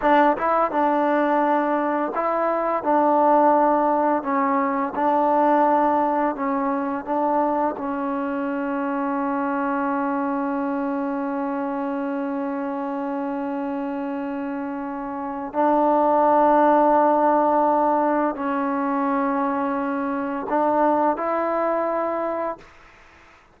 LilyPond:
\new Staff \with { instrumentName = "trombone" } { \time 4/4 \tempo 4 = 85 d'8 e'8 d'2 e'4 | d'2 cis'4 d'4~ | d'4 cis'4 d'4 cis'4~ | cis'1~ |
cis'1~ | cis'2 d'2~ | d'2 cis'2~ | cis'4 d'4 e'2 | }